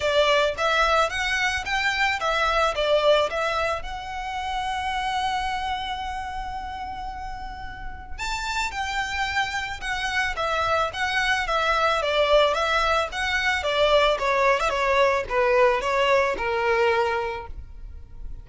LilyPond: \new Staff \with { instrumentName = "violin" } { \time 4/4 \tempo 4 = 110 d''4 e''4 fis''4 g''4 | e''4 d''4 e''4 fis''4~ | fis''1~ | fis''2. a''4 |
g''2 fis''4 e''4 | fis''4 e''4 d''4 e''4 | fis''4 d''4 cis''8. e''16 cis''4 | b'4 cis''4 ais'2 | }